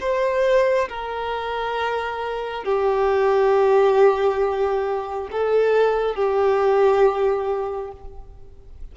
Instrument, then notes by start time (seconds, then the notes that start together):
violin
0.00 C5
0.89 A#4
2.64 G4
5.31 A4
6.15 G4